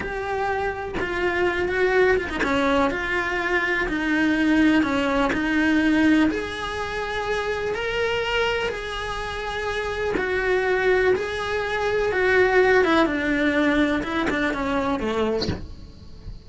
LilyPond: \new Staff \with { instrumentName = "cello" } { \time 4/4 \tempo 4 = 124 g'2 f'4. fis'8~ | fis'8 f'16 dis'16 cis'4 f'2 | dis'2 cis'4 dis'4~ | dis'4 gis'2. |
ais'2 gis'2~ | gis'4 fis'2 gis'4~ | gis'4 fis'4. e'8 d'4~ | d'4 e'8 d'8 cis'4 a4 | }